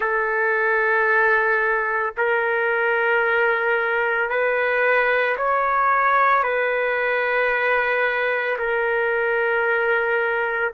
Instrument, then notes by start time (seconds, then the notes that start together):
trumpet
0.00 A4
2.17 A#4
4.29 B4
5.37 C#5
6.43 B4
8.58 A#4